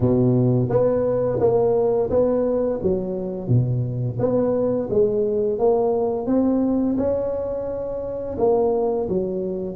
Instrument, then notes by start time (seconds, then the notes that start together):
tuba
0.00 B2
0.69 B3
1.40 A#3
2.10 B3
2.82 F#3
3.48 B2
4.19 B3
4.90 G#3
5.58 A#3
6.26 C4
6.97 C#4
8.38 A#3
9.09 F#3